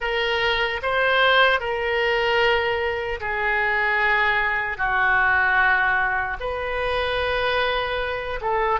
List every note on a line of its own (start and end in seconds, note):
0.00 0.80 A#4
0.82 1.60 C5
1.60 3.20 A#4
3.20 4.77 G#4
4.77 6.37 F#4
6.40 8.40 B4
8.41 8.80 A4